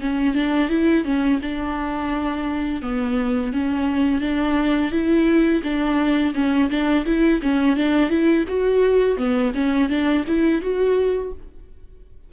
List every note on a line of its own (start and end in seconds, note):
0.00 0.34 C#4
0.34 0.69 D4
0.69 1.04 E4
1.04 1.40 C#4
1.42 2.82 D4
2.82 3.53 B3
3.53 4.21 C#4
4.21 4.91 D4
4.91 5.62 E4
5.63 6.33 D4
6.34 6.69 C#4
6.70 7.05 D4
7.06 7.41 E4
7.42 7.76 C#4
7.76 8.10 D4
8.10 8.45 E4
8.48 9.17 F#4
9.17 9.52 B3
9.54 9.89 C#4
9.89 10.24 D4
10.27 10.62 E4
10.62 11.32 F#4